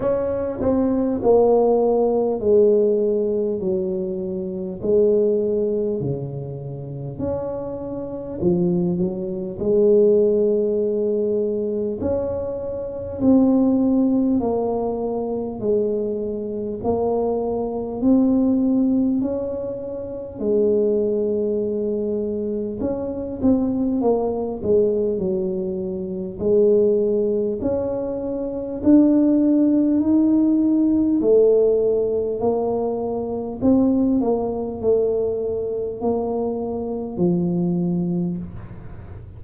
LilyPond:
\new Staff \with { instrumentName = "tuba" } { \time 4/4 \tempo 4 = 50 cis'8 c'8 ais4 gis4 fis4 | gis4 cis4 cis'4 f8 fis8 | gis2 cis'4 c'4 | ais4 gis4 ais4 c'4 |
cis'4 gis2 cis'8 c'8 | ais8 gis8 fis4 gis4 cis'4 | d'4 dis'4 a4 ais4 | c'8 ais8 a4 ais4 f4 | }